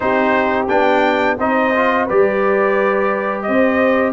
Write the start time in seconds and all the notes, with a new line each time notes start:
0.00 C4 D#4 G4 C5
0.68 B3 D4 G5
1.37 C4 D#4 C5 D#5
1.75 F4
2.06 G3 G4 B4 D5
3.42 C4 C5 D#5